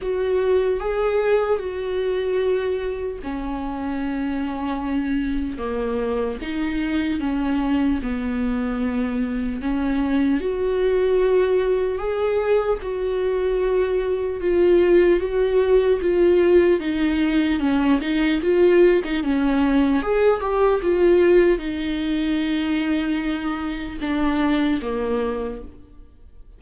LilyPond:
\new Staff \with { instrumentName = "viola" } { \time 4/4 \tempo 4 = 75 fis'4 gis'4 fis'2 | cis'2. ais4 | dis'4 cis'4 b2 | cis'4 fis'2 gis'4 |
fis'2 f'4 fis'4 | f'4 dis'4 cis'8 dis'8 f'8. dis'16 | cis'4 gis'8 g'8 f'4 dis'4~ | dis'2 d'4 ais4 | }